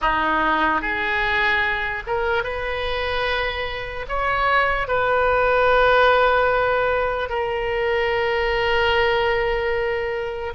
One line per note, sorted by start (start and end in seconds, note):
0.01 0.81 D#4
0.81 2.03 G#4
2.06 2.43 A#4
2.43 4.05 B4
4.08 4.87 C#5
4.87 7.29 B4
7.29 10.53 A#4